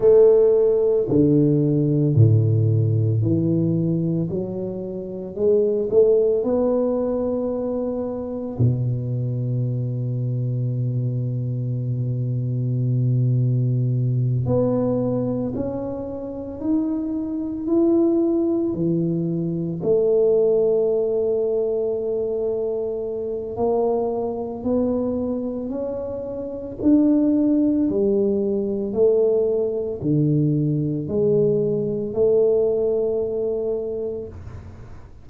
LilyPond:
\new Staff \with { instrumentName = "tuba" } { \time 4/4 \tempo 4 = 56 a4 d4 a,4 e4 | fis4 gis8 a8 b2 | b,1~ | b,4. b4 cis'4 dis'8~ |
dis'8 e'4 e4 a4.~ | a2 ais4 b4 | cis'4 d'4 g4 a4 | d4 gis4 a2 | }